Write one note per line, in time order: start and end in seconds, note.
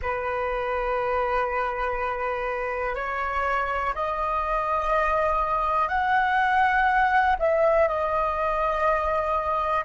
0.02 2.95 B4
2.95 3.93 C#5
3.94 5.88 D#5
5.88 7.35 F#5
7.39 7.88 E5
7.88 9.85 D#5